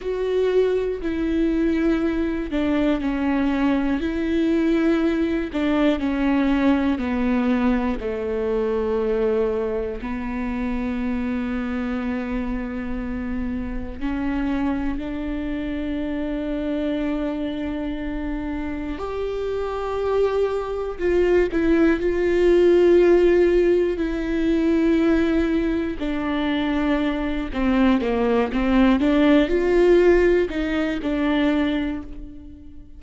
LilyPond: \new Staff \with { instrumentName = "viola" } { \time 4/4 \tempo 4 = 60 fis'4 e'4. d'8 cis'4 | e'4. d'8 cis'4 b4 | a2 b2~ | b2 cis'4 d'4~ |
d'2. g'4~ | g'4 f'8 e'8 f'2 | e'2 d'4. c'8 | ais8 c'8 d'8 f'4 dis'8 d'4 | }